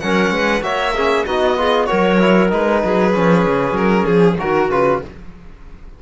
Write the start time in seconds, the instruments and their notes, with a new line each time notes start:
0.00 cello F#3, trombone C#4, clarinet A#4, violin F#5
0.31 cello G#3, clarinet B4
0.62 cello A#3, trombone F#4, clarinet C#5, violin E5
0.94 trombone C#4, clarinet G#4
1.25 cello B3, trombone D#4, clarinet F#4, violin D#5
1.57 trombone F4, clarinet G#4
1.86 cello F#3, trombone F#4, clarinet A#4, violin C#5
2.19 trombone E4
2.50 cello G#3, trombone D#4, violin B4
2.84 cello F#3, clarinet G#4
3.12 cello F3, trombone C#4
3.46 cello C#3
3.72 cello F#3, violin A#4
4.06 cello F3, violin G#4
4.38 cello D#3, trombone F#4, clarinet F#4, violin A#4
4.70 cello C#3, trombone F4, violin B4